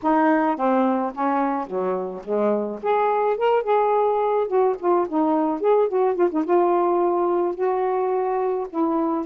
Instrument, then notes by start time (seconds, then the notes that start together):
saxophone
0.02 D#4
0.56 C4
1.14 C#4
1.66 F#3
2.24 G#3
2.82 G#4
3.37 A#4
3.63 G#4
4.47 F#4
4.79 F4
5.08 D#4
5.60 G#4
5.88 F#4
6.15 F4
6.31 D#4
6.44 F4
7.54 F#4
8.69 E4